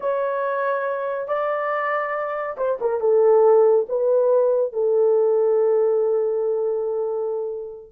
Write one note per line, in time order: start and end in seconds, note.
0.00 1.27 C#5
1.27 2.56 D5
2.57 2.78 C5
2.81 3.00 A#4
3.00 3.86 A4
3.88 4.72 B4
4.72 7.92 A4